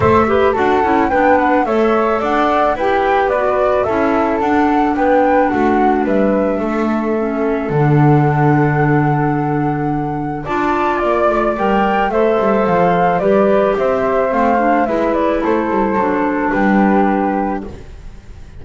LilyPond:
<<
  \new Staff \with { instrumentName = "flute" } { \time 4/4 \tempo 4 = 109 e''4 fis''4 g''8 fis''8 e''4 | fis''4 g''4 d''4 e''4 | fis''4 g''4 fis''4 e''4~ | e''2 fis''2~ |
fis''2. a''4 | d''4 g''4 e''4 f''4 | d''4 e''4 f''4 e''8 d''8 | c''2 b'2 | }
  \new Staff \with { instrumentName = "flute" } { \time 4/4 c''8 b'8 a'4 b'4 cis''4 | d''4 b'2 a'4~ | a'4 b'4 fis'4 b'4 | a'1~ |
a'2. d''4~ | d''2 c''2 | b'4 c''2 b'4 | a'2 g'2 | }
  \new Staff \with { instrumentName = "clarinet" } { \time 4/4 a'8 g'8 fis'8 e'8 d'4 a'4~ | a'4 g'4 fis'4 e'4 | d'1~ | d'4 cis'4 d'2~ |
d'2. f'4~ | f'4 ais'4 a'2 | g'2 c'8 d'8 e'4~ | e'4 d'2. | }
  \new Staff \with { instrumentName = "double bass" } { \time 4/4 a4 d'8 cis'8 b4 a4 | d'4 e'4 b4 cis'4 | d'4 b4 a4 g4 | a2 d2~ |
d2. d'4 | ais8 a8 g4 a8 g8 f4 | g4 c'4 a4 gis4 | a8 g8 fis4 g2 | }
>>